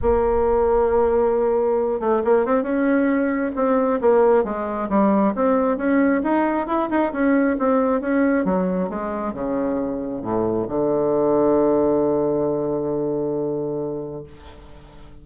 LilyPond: \new Staff \with { instrumentName = "bassoon" } { \time 4/4 \tempo 4 = 135 ais1~ | ais8 a8 ais8 c'8 cis'2 | c'4 ais4 gis4 g4 | c'4 cis'4 dis'4 e'8 dis'8 |
cis'4 c'4 cis'4 fis4 | gis4 cis2 a,4 | d1~ | d1 | }